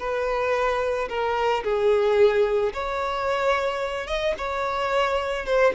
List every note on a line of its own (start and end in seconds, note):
0.00 1.09 B4
1.09 1.64 A#4
1.64 2.73 G#4
2.74 4.07 C#5
4.07 4.35 D#5
4.38 5.46 C#5
5.46 5.73 C5